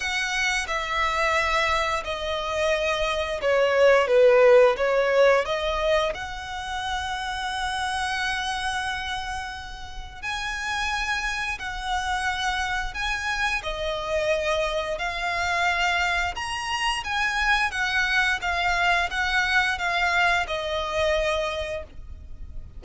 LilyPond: \new Staff \with { instrumentName = "violin" } { \time 4/4 \tempo 4 = 88 fis''4 e''2 dis''4~ | dis''4 cis''4 b'4 cis''4 | dis''4 fis''2.~ | fis''2. gis''4~ |
gis''4 fis''2 gis''4 | dis''2 f''2 | ais''4 gis''4 fis''4 f''4 | fis''4 f''4 dis''2 | }